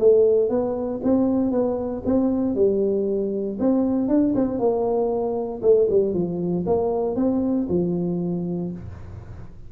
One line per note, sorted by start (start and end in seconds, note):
0.00 0.50 A3
0.50 1.01 B3
1.04 1.52 C4
1.52 2.03 B3
2.06 2.55 C4
2.55 3.58 G3
3.60 4.08 C4
4.08 4.34 D4
4.35 4.59 C4
4.59 5.62 A#3
5.63 5.88 A3
5.90 6.14 G3
6.14 6.65 F3
6.67 7.16 A#3
7.16 7.68 C4
7.69 8.72 F3